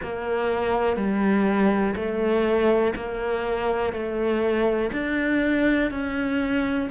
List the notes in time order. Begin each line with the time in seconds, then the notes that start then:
0.03 A#3
0.96 G3
1.95 A3
2.95 A#3
3.92 A3
4.92 D4
5.90 C#4